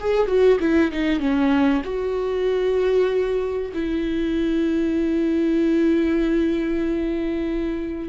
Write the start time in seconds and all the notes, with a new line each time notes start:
0.00 G#4
0.27 F#4
0.60 E4
0.91 D#4
1.19 C#4
1.85 F#4
3.74 E4